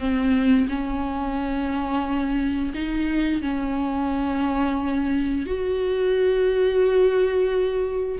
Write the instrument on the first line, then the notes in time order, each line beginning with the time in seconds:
viola
0.00 C4
0.69 C#4
2.75 D#4
3.42 C#4
5.46 F#4